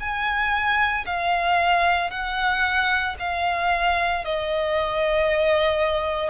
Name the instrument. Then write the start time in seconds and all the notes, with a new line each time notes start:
violin
0.00 G#5
1.06 F5
2.11 F#5
3.20 F5
4.25 D#5